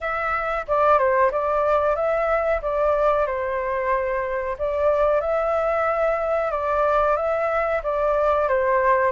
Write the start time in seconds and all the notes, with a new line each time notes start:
0.00 E5
0.67 D5
0.98 C5
1.31 D5
1.95 E5
2.61 D5
3.26 C5
4.58 D5
5.20 E5
6.51 D5
7.16 E5
7.83 D5
8.48 C5